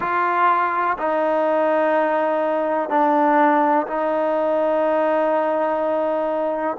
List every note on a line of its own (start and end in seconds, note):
0.00 0.97 F4
0.98 2.89 D#4
2.89 3.86 D4
3.86 6.77 D#4